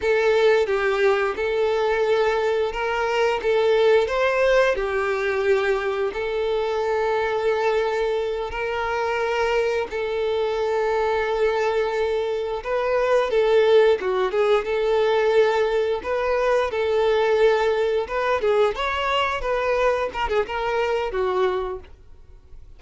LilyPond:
\new Staff \with { instrumentName = "violin" } { \time 4/4 \tempo 4 = 88 a'4 g'4 a'2 | ais'4 a'4 c''4 g'4~ | g'4 a'2.~ | a'8 ais'2 a'4.~ |
a'2~ a'8 b'4 a'8~ | a'8 fis'8 gis'8 a'2 b'8~ | b'8 a'2 b'8 gis'8 cis''8~ | cis''8 b'4 ais'16 gis'16 ais'4 fis'4 | }